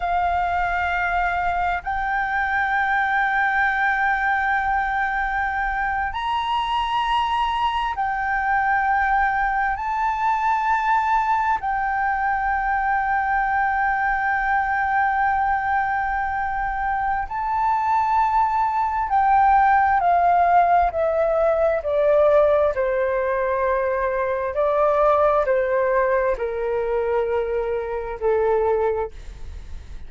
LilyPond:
\new Staff \with { instrumentName = "flute" } { \time 4/4 \tempo 4 = 66 f''2 g''2~ | g''2~ g''8. ais''4~ ais''16~ | ais''8. g''2 a''4~ a''16~ | a''8. g''2.~ g''16~ |
g''2. a''4~ | a''4 g''4 f''4 e''4 | d''4 c''2 d''4 | c''4 ais'2 a'4 | }